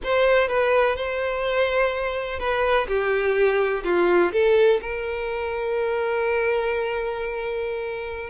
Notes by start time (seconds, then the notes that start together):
0.03 C5
0.48 B4
0.95 C5
2.39 B4
2.87 G4
3.84 F4
4.32 A4
4.81 A#4